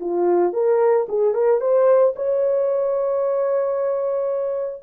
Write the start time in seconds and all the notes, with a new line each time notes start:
0.00 F4
0.53 A#4
1.08 G#4
1.34 A#4
1.60 C5
2.16 C#5